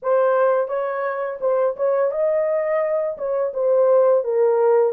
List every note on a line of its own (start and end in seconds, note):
0.02 0.68 C5
0.68 1.38 C#5
1.40 1.76 C5
1.76 2.11 C#5
2.11 3.17 D#5
3.17 3.53 C#5
3.53 4.24 C5
4.24 4.93 A#4